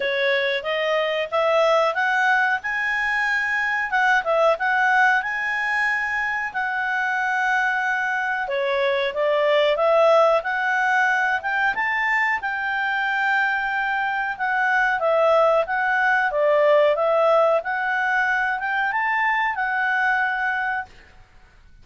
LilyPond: \new Staff \with { instrumentName = "clarinet" } { \time 4/4 \tempo 4 = 92 cis''4 dis''4 e''4 fis''4 | gis''2 fis''8 e''8 fis''4 | gis''2 fis''2~ | fis''4 cis''4 d''4 e''4 |
fis''4. g''8 a''4 g''4~ | g''2 fis''4 e''4 | fis''4 d''4 e''4 fis''4~ | fis''8 g''8 a''4 fis''2 | }